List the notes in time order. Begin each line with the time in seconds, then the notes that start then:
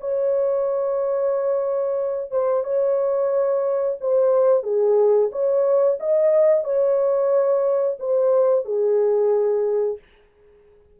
0.00 C#5
2.31 C5
2.64 C#5
4.00 C5
4.63 G#4
5.32 C#5
5.99 D#5
6.64 C#5
7.99 C5
8.65 G#4